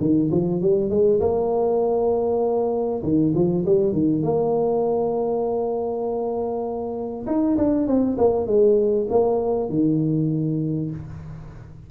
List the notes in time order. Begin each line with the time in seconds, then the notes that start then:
0.00 D#3
0.31 F3
0.62 G3
0.90 G#3
1.20 A#3
3.03 D#3
3.35 F3
3.66 G3
3.93 D#3
4.23 A#3
7.27 D#4
7.58 D4
7.87 C4
8.18 A#3
8.47 G#3
9.10 A#3
9.70 D#3